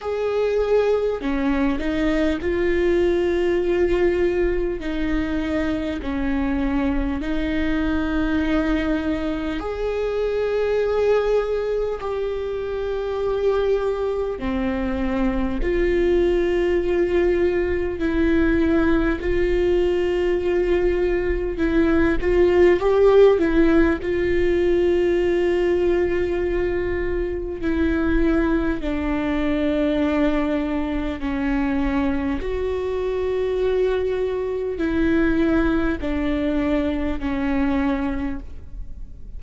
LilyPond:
\new Staff \with { instrumentName = "viola" } { \time 4/4 \tempo 4 = 50 gis'4 cis'8 dis'8 f'2 | dis'4 cis'4 dis'2 | gis'2 g'2 | c'4 f'2 e'4 |
f'2 e'8 f'8 g'8 e'8 | f'2. e'4 | d'2 cis'4 fis'4~ | fis'4 e'4 d'4 cis'4 | }